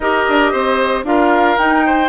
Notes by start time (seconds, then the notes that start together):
0.00 D#4 G4 A#4 D#5
0.28 D4
0.51 C4 C5
1.04 D4 F4 A#4 F5
1.57 D#4 G5
1.86 C5